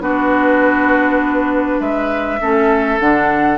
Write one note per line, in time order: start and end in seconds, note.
0.00 1.78 B3
0.00 2.38 D4
0.00 1.80 F#4
0.00 1.81 B4
1.80 2.40 G#3
1.80 2.39 B4
1.80 3.00 E5
2.40 3.00 A3
2.40 3.00 C#4
2.40 3.58 A4
3.00 3.58 D3
3.00 3.58 D4
3.00 3.58 F#5